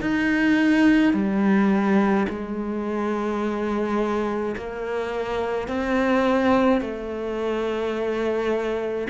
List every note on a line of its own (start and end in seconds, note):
0.00 1.13 D#4
1.13 2.26 G3
2.28 4.55 G#3
4.56 5.68 A#3
5.68 6.81 C4
6.81 9.07 A3